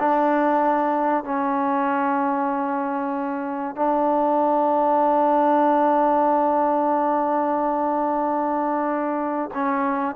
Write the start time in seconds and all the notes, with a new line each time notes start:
0.00 D4
1.25 C#4
3.76 D4
9.55 C#4